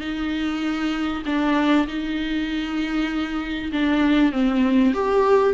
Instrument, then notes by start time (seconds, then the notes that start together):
viola
0.00 D#4
1.26 D4
1.87 D#4
3.72 D4
4.32 C4
4.93 G4